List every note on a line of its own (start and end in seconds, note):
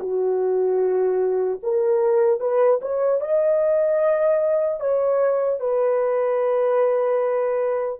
0.00 1.60 F#4
1.63 2.40 A#4
2.40 2.80 B4
2.82 3.21 C#5
3.21 4.80 D#5
4.80 5.60 C#5
5.60 8.00 B4